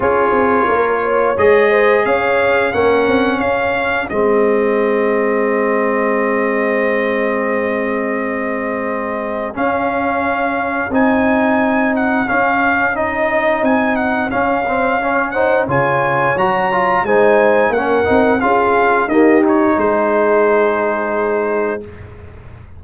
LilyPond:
<<
  \new Staff \with { instrumentName = "trumpet" } { \time 4/4 \tempo 4 = 88 cis''2 dis''4 f''4 | fis''4 f''4 dis''2~ | dis''1~ | dis''2 f''2 |
gis''4. fis''8 f''4 dis''4 | gis''8 fis''8 f''4. fis''8 gis''4 | ais''4 gis''4 fis''4 f''4 | dis''8 cis''8 c''2. | }
  \new Staff \with { instrumentName = "horn" } { \time 4/4 gis'4 ais'8 cis''4 c''8 cis''4 | ais'4 gis'2.~ | gis'1~ | gis'1~ |
gis'1~ | gis'2 cis''8 c''8 cis''4~ | cis''4 c''4 ais'4 gis'4 | g'4 gis'2. | }
  \new Staff \with { instrumentName = "trombone" } { \time 4/4 f'2 gis'2 | cis'2 c'2~ | c'1~ | c'2 cis'2 |
dis'2 cis'4 dis'4~ | dis'4 cis'8 c'8 cis'8 dis'8 f'4 | fis'8 f'8 dis'4 cis'8 dis'8 f'4 | ais8 dis'2.~ dis'8 | }
  \new Staff \with { instrumentName = "tuba" } { \time 4/4 cis'8 c'8 ais4 gis4 cis'4 | ais8 c'8 cis'4 gis2~ | gis1~ | gis2 cis'2 |
c'2 cis'2 | c'4 cis'2 cis4 | fis4 gis4 ais8 c'8 cis'4 | dis'4 gis2. | }
>>